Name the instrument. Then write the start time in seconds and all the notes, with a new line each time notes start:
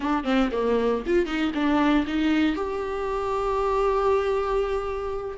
viola
0.00 D4
0.24 C4
0.51 A#3
1.06 F4
1.25 D#4
1.54 D4
2.07 D#4
2.55 G4